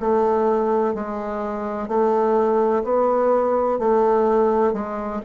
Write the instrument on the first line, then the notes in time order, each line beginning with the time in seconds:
bassoon
0.00 A3
0.94 G#3
1.88 A3
2.84 B3
3.79 A3
4.73 G#3